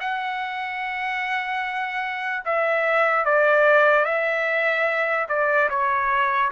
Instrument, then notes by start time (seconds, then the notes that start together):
trumpet
0.00 F#5
2.45 E5
3.25 D5
4.05 E5
5.28 D5
5.70 C#5